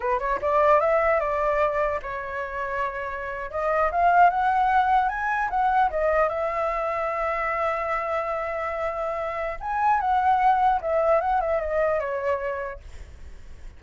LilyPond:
\new Staff \with { instrumentName = "flute" } { \time 4/4 \tempo 4 = 150 b'8 cis''8 d''4 e''4 d''4~ | d''4 cis''2.~ | cis''8. dis''4 f''4 fis''4~ fis''16~ | fis''8. gis''4 fis''4 dis''4 e''16~ |
e''1~ | e''1 | gis''4 fis''2 e''4 | fis''8 e''8 dis''4 cis''2 | }